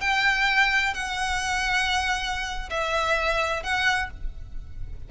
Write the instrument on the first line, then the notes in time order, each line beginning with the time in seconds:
violin
0.00 G5
0.94 F#5
2.69 E5
3.63 F#5